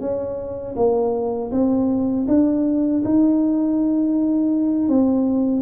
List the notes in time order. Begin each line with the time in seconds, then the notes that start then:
0.00 C#4
0.76 A#3
1.51 C4
2.28 D4
3.04 D#4
4.88 C4